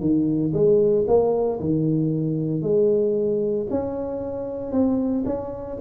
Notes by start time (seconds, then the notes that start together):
0.00 D#3
0.53 G#3
1.07 A#3
1.60 D#3
2.62 G#3
3.70 C#4
4.72 C4
5.25 C#4